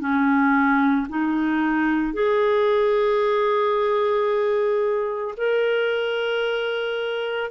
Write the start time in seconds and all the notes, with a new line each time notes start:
0.00 C#4
1.09 D#4
2.13 G#4
5.37 A#4